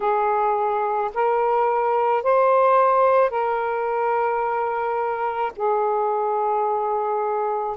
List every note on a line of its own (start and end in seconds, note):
0.00 1.11 G#4
1.14 2.23 A#4
2.23 3.30 C5
3.30 5.52 A#4
5.56 7.76 G#4